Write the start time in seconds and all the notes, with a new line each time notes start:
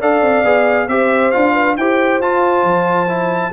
0.00 D4 A4 D5 F5
0.21 C4
0.44 B3 G#4
0.87 C4 G4 C5 E5
1.31 D4 F4 F5
1.53 B4
1.76 E4 G4 C5 G5
2.20 F4 A5
2.63 F3
3.07 E4